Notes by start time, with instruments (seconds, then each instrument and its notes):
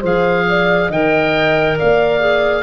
0.00 tuba F3, clarinet G#4, horn C5, oboe F5
0.49 horn D5
0.88 tuba D#3, clarinet A#4, horn D#5, oboe G5
1.78 tuba A#3, horn D5, oboe F5
2.20 clarinet G#4